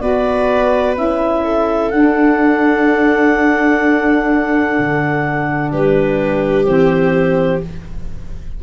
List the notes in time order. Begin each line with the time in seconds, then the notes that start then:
0.00 B3 F#4 B4 D5
0.95 C#4 E4 E5
1.44 A4
1.90 D4 F#5
4.79 D3
5.72 G3 G4 B4
6.65 E3 C4 C5